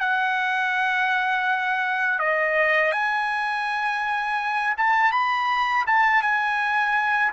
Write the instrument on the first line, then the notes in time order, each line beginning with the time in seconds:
trumpet
0.00 F#5
2.19 D#5
2.92 G#5
4.77 A5
5.12 B5
5.86 A5
6.22 G#5